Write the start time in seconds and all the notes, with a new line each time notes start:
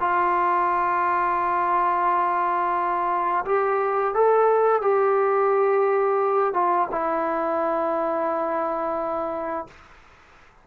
0.00 F4
3.45 G4
4.15 A4
4.82 G4
6.54 F4
6.92 E4